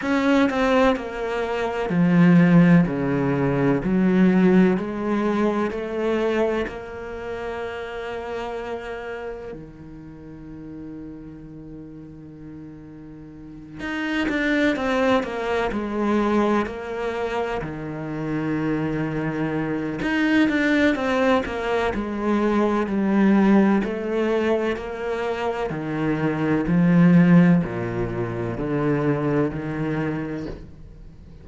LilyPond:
\new Staff \with { instrumentName = "cello" } { \time 4/4 \tempo 4 = 63 cis'8 c'8 ais4 f4 cis4 | fis4 gis4 a4 ais4~ | ais2 dis2~ | dis2~ dis8 dis'8 d'8 c'8 |
ais8 gis4 ais4 dis4.~ | dis4 dis'8 d'8 c'8 ais8 gis4 | g4 a4 ais4 dis4 | f4 ais,4 d4 dis4 | }